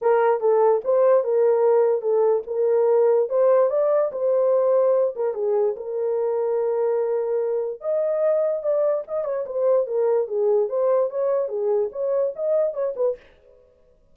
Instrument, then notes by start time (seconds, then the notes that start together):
horn
0.01 A#4
0.40 A4
0.84 C5
1.24 A#4
2.01 A4
2.47 A#4
3.29 C5
3.70 D5
4.12 C5
5.15 A#4
5.33 G#4
5.76 A#4
7.81 D#5
8.62 D5
9.07 D#5
9.24 C#5
9.46 C5
9.86 A#4
10.27 G#4
10.68 C5
11.09 C#5
11.48 G#4
11.92 C#5
12.35 D#5
12.73 C#5
12.96 B4